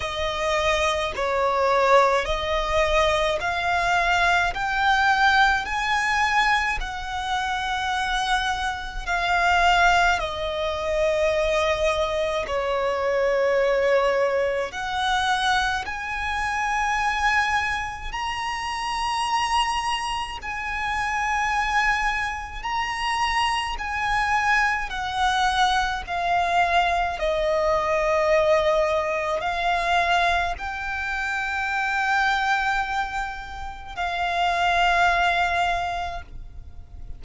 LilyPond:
\new Staff \with { instrumentName = "violin" } { \time 4/4 \tempo 4 = 53 dis''4 cis''4 dis''4 f''4 | g''4 gis''4 fis''2 | f''4 dis''2 cis''4~ | cis''4 fis''4 gis''2 |
ais''2 gis''2 | ais''4 gis''4 fis''4 f''4 | dis''2 f''4 g''4~ | g''2 f''2 | }